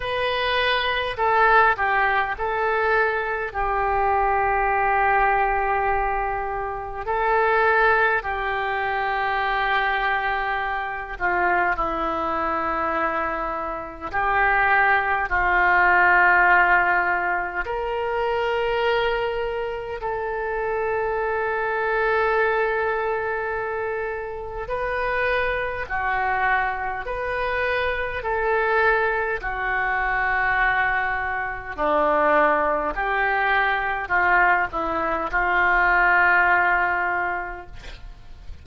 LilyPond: \new Staff \with { instrumentName = "oboe" } { \time 4/4 \tempo 4 = 51 b'4 a'8 g'8 a'4 g'4~ | g'2 a'4 g'4~ | g'4. f'8 e'2 | g'4 f'2 ais'4~ |
ais'4 a'2.~ | a'4 b'4 fis'4 b'4 | a'4 fis'2 d'4 | g'4 f'8 e'8 f'2 | }